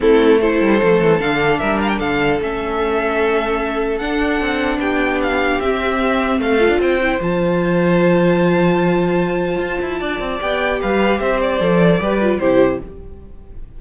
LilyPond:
<<
  \new Staff \with { instrumentName = "violin" } { \time 4/4 \tempo 4 = 150 a'4 c''2 f''4 | e''8 f''16 g''16 f''4 e''2~ | e''2 fis''2 | g''4 f''4 e''2 |
f''4 g''4 a''2~ | a''1~ | a''2 g''4 f''4 | e''8 d''2~ d''8 c''4 | }
  \new Staff \with { instrumentName = "violin" } { \time 4/4 e'4 a'2. | ais'4 a'2.~ | a'1 | g'1 |
a'4 c''2.~ | c''1~ | c''4 d''2 b'4 | c''2 b'4 g'4 | }
  \new Staff \with { instrumentName = "viola" } { \time 4/4 c'4 e'4 a4 d'4~ | d'2 cis'2~ | cis'2 d'2~ | d'2 c'2~ |
c'8 f'4 e'8 f'2~ | f'1~ | f'2 g'2~ | g'4 a'4 g'8 f'8 e'4 | }
  \new Staff \with { instrumentName = "cello" } { \time 4/4 a4. g8 f8 e8 d4 | g4 d4 a2~ | a2 d'4 c'4 | b2 c'2 |
a8. d'16 c'4 f2~ | f1 | f'8 e'8 d'8 c'8 b4 g4 | c'4 f4 g4 c4 | }
>>